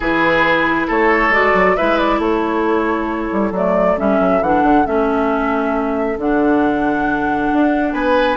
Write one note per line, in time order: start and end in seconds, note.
0.00 0.87 E3
0.00 1.32 E4
0.00 0.86 G#4
0.00 0.90 B4
0.87 1.29 A3
0.87 1.76 A4
0.87 1.33 C#5
1.29 1.51 G#3
1.29 1.76 F#4
1.29 1.76 D5
1.54 1.76 F#3
1.76 2.18 G#3
1.76 3.54 E4
1.76 2.19 B4
1.76 1.98 E5
1.98 2.20 D5
2.18 3.29 A3
2.18 7.93 A4
2.18 3.54 C#5
3.32 3.51 G3
3.51 3.95 F#3
3.51 3.97 A3
3.51 3.98 D5
3.97 4.19 G3
3.97 4.41 C#4
3.97 4.43 E5
4.19 4.41 F#3
4.41 4.62 E3
4.41 4.85 D4
4.41 4.86 F#5
4.62 4.84 D3
4.85 6.17 A3
4.85 6.17 C#4
4.85 6.18 E5
6.17 7.50 D3
6.17 8.37 D4
6.17 7.93 F#5
7.52 7.93 D4
7.93 8.37 B3
7.93 8.37 B4
7.93 8.37 G#5